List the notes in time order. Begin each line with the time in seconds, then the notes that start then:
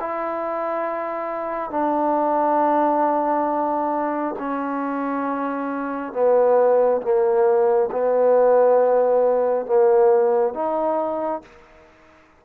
0.00 E4
1.71 D4
4.39 C#4
6.13 B3
7.02 A#3
7.92 B3
9.66 A#3
10.54 D#4